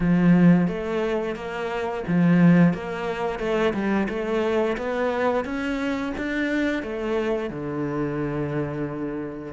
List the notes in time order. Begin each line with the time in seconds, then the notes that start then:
0.00 F3
0.67 A3
1.35 A#3
2.07 F3
2.73 A#3
3.39 A3
3.73 G3
4.08 A3
4.77 B3
5.44 C#4
6.17 D4
6.82 A3
7.50 D3